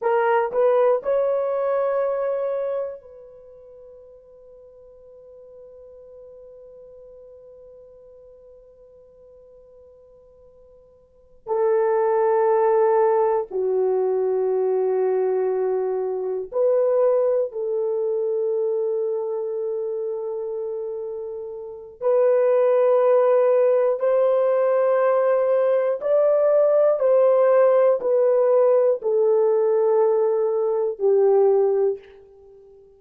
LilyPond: \new Staff \with { instrumentName = "horn" } { \time 4/4 \tempo 4 = 60 ais'8 b'8 cis''2 b'4~ | b'1~ | b'2.~ b'8 a'8~ | a'4. fis'2~ fis'8~ |
fis'8 b'4 a'2~ a'8~ | a'2 b'2 | c''2 d''4 c''4 | b'4 a'2 g'4 | }